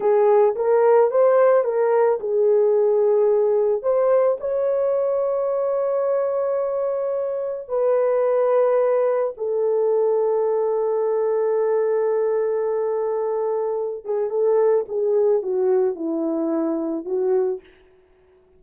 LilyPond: \new Staff \with { instrumentName = "horn" } { \time 4/4 \tempo 4 = 109 gis'4 ais'4 c''4 ais'4 | gis'2. c''4 | cis''1~ | cis''2 b'2~ |
b'4 a'2.~ | a'1~ | a'4. gis'8 a'4 gis'4 | fis'4 e'2 fis'4 | }